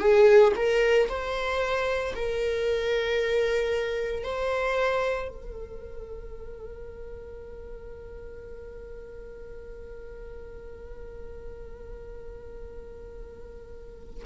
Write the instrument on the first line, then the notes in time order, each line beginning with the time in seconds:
viola
0.00 G#4
0.56 A#4
1.09 C5
2.16 A#4
4.24 C5
5.29 A#4